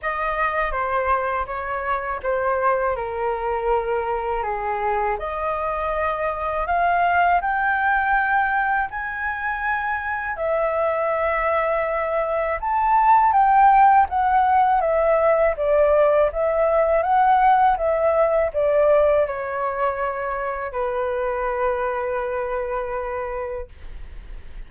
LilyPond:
\new Staff \with { instrumentName = "flute" } { \time 4/4 \tempo 4 = 81 dis''4 c''4 cis''4 c''4 | ais'2 gis'4 dis''4~ | dis''4 f''4 g''2 | gis''2 e''2~ |
e''4 a''4 g''4 fis''4 | e''4 d''4 e''4 fis''4 | e''4 d''4 cis''2 | b'1 | }